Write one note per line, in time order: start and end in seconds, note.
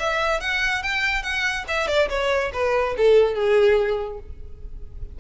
0.00 0.41 E5
0.41 0.83 F#5
0.83 1.23 G5
1.23 1.65 F#5
1.68 1.88 E5
1.88 2.09 D5
2.10 2.52 C#5
2.53 2.96 B4
2.97 3.35 A4
3.35 4.19 G#4